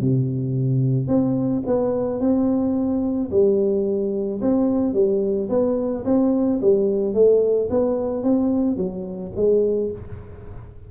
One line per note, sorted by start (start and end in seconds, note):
0.00 1.07 C3
1.07 1.62 C4
1.66 2.20 B3
2.20 3.30 C4
3.31 4.41 G3
4.41 4.93 C4
4.93 5.48 G3
5.49 6.04 B3
6.05 6.60 C4
6.61 7.14 G3
7.14 7.69 A3
7.70 8.23 B3
8.23 8.77 C4
8.77 9.32 F#3
9.36 9.91 G#3